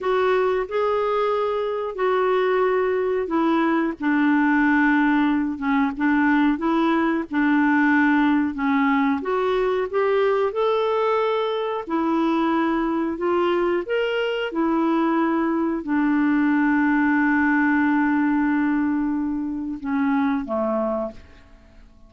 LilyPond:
\new Staff \with { instrumentName = "clarinet" } { \time 4/4 \tempo 4 = 91 fis'4 gis'2 fis'4~ | fis'4 e'4 d'2~ | d'8 cis'8 d'4 e'4 d'4~ | d'4 cis'4 fis'4 g'4 |
a'2 e'2 | f'4 ais'4 e'2 | d'1~ | d'2 cis'4 a4 | }